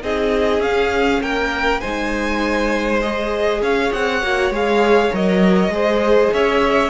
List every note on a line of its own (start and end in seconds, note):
0.00 0.59 C4
0.00 0.60 D#4
0.00 1.23 G#4
0.00 0.62 D#5
0.59 1.19 C#4
0.59 1.83 C#4
0.59 1.22 F5
1.21 1.81 A#3
1.21 1.80 A#4
1.21 1.80 G5
1.80 3.62 G#3
1.80 3.02 D#4
1.80 3.60 C5
1.80 3.00 G#5
3.01 4.22 G#4
3.01 3.61 D#5
3.62 3.92 C#4
3.62 5.73 C#5
3.62 3.92 F5
3.92 4.22 C4
3.92 4.52 F#5
4.22 4.50 A#3
4.22 4.52 F#4
4.50 5.10 G#3
4.50 5.12 G#4
4.50 5.15 F5
5.12 5.68 F#3
5.12 5.71 A#4
5.12 6.33 D#5
5.68 6.28 G#3
5.68 6.90 G#4
5.68 6.33 C5
6.33 6.90 C#4
6.33 6.90 C#5
6.33 6.90 E5